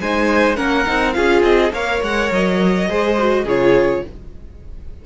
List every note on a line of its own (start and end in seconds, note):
0.00 0.57 G#3
0.00 0.56 D#4
0.00 0.57 C5
0.00 0.56 G#5
0.56 0.86 A#3
0.56 0.85 C#4
0.56 1.14 A#4
0.56 1.13 F#5
0.86 1.17 C4
0.86 1.14 D#4
1.13 1.42 C#4
1.13 1.72 F4
1.13 1.73 G#4
1.13 1.42 F5
1.42 1.71 C4
1.42 1.72 D#5
1.72 2.01 A#3
1.72 2.88 A#4
1.72 2.88 C#5
1.72 2.03 F5
2.02 2.30 G#3
2.02 2.32 F#5
2.31 2.89 F#3
2.31 3.48 D#5
2.88 3.44 G#3
2.88 3.17 G#4
2.88 3.44 C5
3.18 3.47 F#4
3.44 4.02 C#3
3.44 4.05 F4
3.44 4.02 G#4
3.44 4.06 C#5